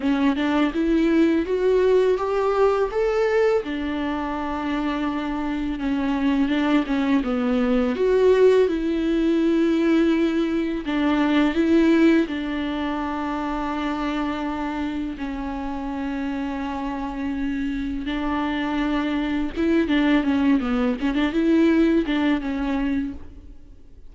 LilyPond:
\new Staff \with { instrumentName = "viola" } { \time 4/4 \tempo 4 = 83 cis'8 d'8 e'4 fis'4 g'4 | a'4 d'2. | cis'4 d'8 cis'8 b4 fis'4 | e'2. d'4 |
e'4 d'2.~ | d'4 cis'2.~ | cis'4 d'2 e'8 d'8 | cis'8 b8 cis'16 d'16 e'4 d'8 cis'4 | }